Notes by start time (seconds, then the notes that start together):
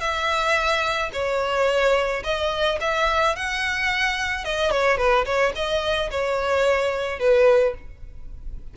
0.00 E5
1.13 C#5
2.23 D#5
2.80 E5
3.36 F#5
4.44 D#5
4.71 C#5
4.97 B4
5.25 C#5
5.55 D#5
6.11 C#5
7.19 B4